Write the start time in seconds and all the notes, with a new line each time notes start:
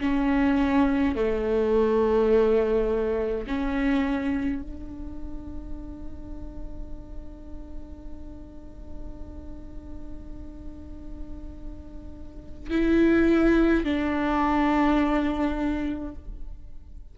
0.00 C#4
1.15 A3
3.47 C#4
4.62 D4
12.70 E4
13.84 D4